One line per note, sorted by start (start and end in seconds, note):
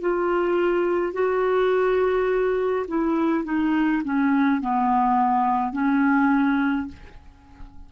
0.00 1.12 F4
1.12 2.85 F#4
2.87 3.44 E4
3.44 4.02 D#4
4.04 4.60 C#4
4.60 5.72 B3
5.72 6.88 C#4